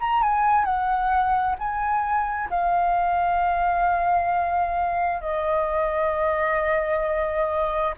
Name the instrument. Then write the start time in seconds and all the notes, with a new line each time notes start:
flute
0.00 A#5
0.22 G#5
0.65 F#5
1.59 G#5
2.50 F5
5.21 D#5